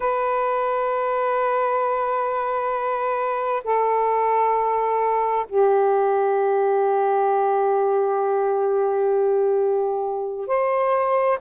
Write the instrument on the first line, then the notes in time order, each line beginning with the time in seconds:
saxophone
0.00 B4
3.64 A4
5.48 G4
10.47 C5